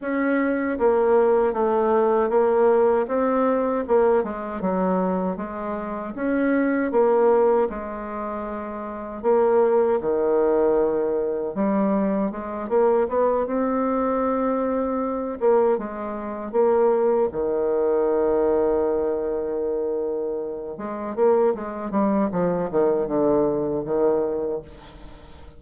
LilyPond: \new Staff \with { instrumentName = "bassoon" } { \time 4/4 \tempo 4 = 78 cis'4 ais4 a4 ais4 | c'4 ais8 gis8 fis4 gis4 | cis'4 ais4 gis2 | ais4 dis2 g4 |
gis8 ais8 b8 c'2~ c'8 | ais8 gis4 ais4 dis4.~ | dis2. gis8 ais8 | gis8 g8 f8 dis8 d4 dis4 | }